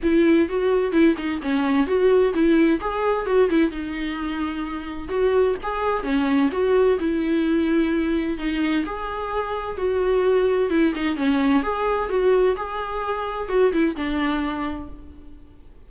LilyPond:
\new Staff \with { instrumentName = "viola" } { \time 4/4 \tempo 4 = 129 e'4 fis'4 e'8 dis'8 cis'4 | fis'4 e'4 gis'4 fis'8 e'8 | dis'2. fis'4 | gis'4 cis'4 fis'4 e'4~ |
e'2 dis'4 gis'4~ | gis'4 fis'2 e'8 dis'8 | cis'4 gis'4 fis'4 gis'4~ | gis'4 fis'8 e'8 d'2 | }